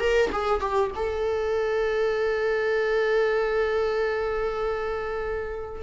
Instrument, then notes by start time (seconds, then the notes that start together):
viola
0.00 A#4
0.32 G#4
0.60 G4
0.96 A4